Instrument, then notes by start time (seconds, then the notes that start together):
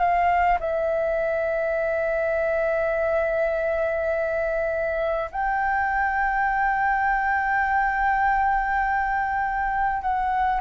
flute
0.00 F5
0.60 E5
5.32 G5
10.02 F#5